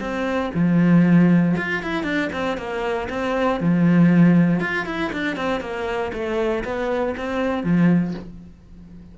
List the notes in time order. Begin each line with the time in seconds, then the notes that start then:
0.00 C4
0.54 F3
1.57 F4
1.82 E4
2.03 D4
2.32 C4
2.57 A#3
3.09 C4
3.60 F3
4.60 F4
4.86 E4
5.12 D4
5.36 C4
5.61 A#3
6.13 A3
6.64 B3
7.17 C4
7.63 F3